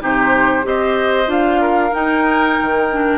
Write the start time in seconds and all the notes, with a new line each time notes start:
0.00 C3 D#4 G4 C5
0.62 C4 G4 C5 D#5
1.26 D4 F4 F5
1.61 A#4
1.92 D#4 G5
2.61 D#3
2.92 D4